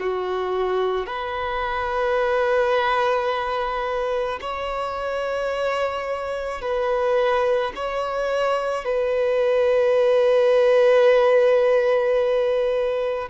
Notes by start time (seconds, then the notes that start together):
0.00 F#4
1.07 B4
4.42 C#5
6.62 B4
7.76 C#5
8.85 B4